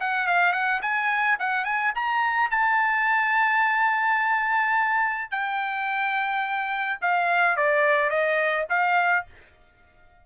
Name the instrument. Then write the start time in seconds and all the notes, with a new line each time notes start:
trumpet
0.00 F#5
0.27 F5
0.52 F#5
0.82 G#5
1.39 F#5
1.65 G#5
1.95 A#5
2.51 A5
5.31 G5
7.01 F5
7.57 D5
8.10 D#5
8.69 F5